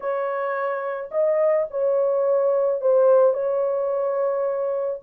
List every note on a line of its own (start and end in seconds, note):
0.00 1.10 C#5
1.11 1.67 D#5
1.70 2.81 C#5
2.81 3.33 C5
3.33 5.00 C#5